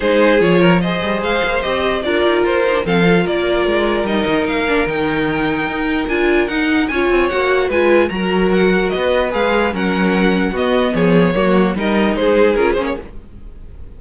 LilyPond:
<<
  \new Staff \with { instrumentName = "violin" } { \time 4/4 \tempo 4 = 148 c''4 cis''4 dis''4 f''4 | dis''4 d''4 c''4 f''4 | d''2 dis''4 f''4 | g''2. gis''4 |
fis''4 gis''4 fis''4 gis''4 | ais''4 fis''4 dis''4 f''4 | fis''2 dis''4 cis''4~ | cis''4 dis''4 c''4 ais'8 c''16 cis''16 | }
  \new Staff \with { instrumentName = "violin" } { \time 4/4 gis'4. ais'8 c''2~ | c''4 ais'2 a'4 | ais'1~ | ais'1~ |
ais'4 cis''2 b'4 | ais'2 b'2 | ais'2 fis'4 gis'4 | fis'4 ais'4 gis'2 | }
  \new Staff \with { instrumentName = "viola" } { \time 4/4 dis'4 f'4 gis'2 | g'4 f'4. dis'16 d'16 c'8 f'8~ | f'2 dis'4. d'8 | dis'2. f'4 |
dis'4 f'4 fis'4 f'4 | fis'2. gis'4 | cis'2 b2 | ais4 dis'2 f'8 cis'8 | }
  \new Staff \with { instrumentName = "cello" } { \time 4/4 gis4 f4. g8 gis8 ais8 | c'4 d'8 dis'8 f'4 f4 | ais4 gis4 g8 dis8 ais4 | dis2 dis'4 d'4 |
dis'4 cis'8 c'8 ais4 gis4 | fis2 b4 gis4 | fis2 b4 f4 | fis4 g4 gis4 cis'8 ais8 | }
>>